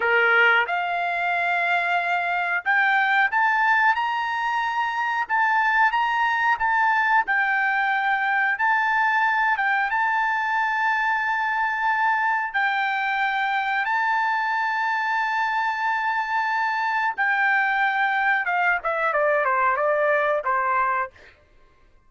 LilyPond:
\new Staff \with { instrumentName = "trumpet" } { \time 4/4 \tempo 4 = 91 ais'4 f''2. | g''4 a''4 ais''2 | a''4 ais''4 a''4 g''4~ | g''4 a''4. g''8 a''4~ |
a''2. g''4~ | g''4 a''2.~ | a''2 g''2 | f''8 e''8 d''8 c''8 d''4 c''4 | }